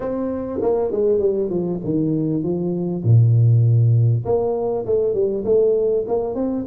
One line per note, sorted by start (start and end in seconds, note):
0.00 0.60 C4
0.61 0.91 A#3
0.91 1.19 G#3
1.19 1.49 G3
1.49 1.80 F3
1.84 2.43 D#3
2.43 3.03 F3
3.03 4.24 A#2
4.25 4.85 A#3
4.86 5.14 A3
5.14 5.44 G3
5.44 6.05 A3
6.07 6.34 A#3
6.34 6.65 C4